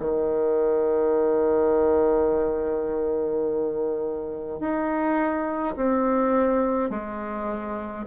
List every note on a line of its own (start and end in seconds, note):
0.00 4.60 D#3
4.60 5.76 D#4
5.76 6.91 C4
6.91 8.06 G#3